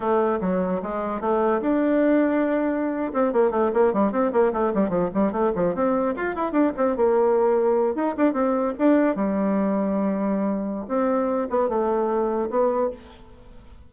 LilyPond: \new Staff \with { instrumentName = "bassoon" } { \time 4/4 \tempo 4 = 149 a4 fis4 gis4 a4 | d'2.~ d'8. c'16~ | c'16 ais8 a8 ais8 g8 c'8 ais8 a8 g16~ | g16 f8 g8 a8 f8 c'4 f'8 e'16~ |
e'16 d'8 c'8 ais2~ ais8 dis'16~ | dis'16 d'8 c'4 d'4 g4~ g16~ | g2. c'4~ | c'8 b8 a2 b4 | }